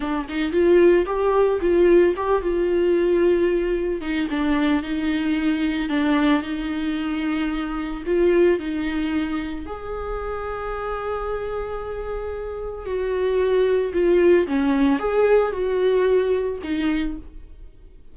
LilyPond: \new Staff \with { instrumentName = "viola" } { \time 4/4 \tempo 4 = 112 d'8 dis'8 f'4 g'4 f'4 | g'8 f'2. dis'8 | d'4 dis'2 d'4 | dis'2. f'4 |
dis'2 gis'2~ | gis'1 | fis'2 f'4 cis'4 | gis'4 fis'2 dis'4 | }